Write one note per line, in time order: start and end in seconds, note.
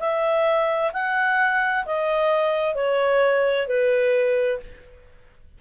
0.00 0.92 E5
0.94 1.86 F#5
1.86 2.75 D#5
2.75 3.68 C#5
3.68 4.60 B4